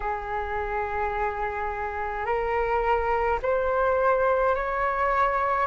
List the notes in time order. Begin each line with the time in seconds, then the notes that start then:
0.00 G#4
2.25 A#4
3.42 C5
4.55 C#5